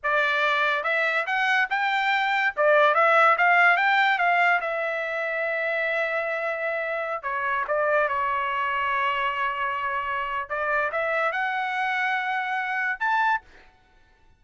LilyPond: \new Staff \with { instrumentName = "trumpet" } { \time 4/4 \tempo 4 = 143 d''2 e''4 fis''4 | g''2 d''4 e''4 | f''4 g''4 f''4 e''4~ | e''1~ |
e''4~ e''16 cis''4 d''4 cis''8.~ | cis''1~ | cis''4 d''4 e''4 fis''4~ | fis''2. a''4 | }